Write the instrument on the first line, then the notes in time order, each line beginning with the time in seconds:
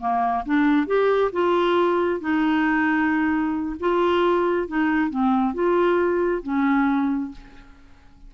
clarinet
0.00 A#3
0.45 D4
0.87 G4
1.32 F4
2.20 D#4
3.80 F4
4.67 D#4
5.10 C4
5.54 F4
6.43 C#4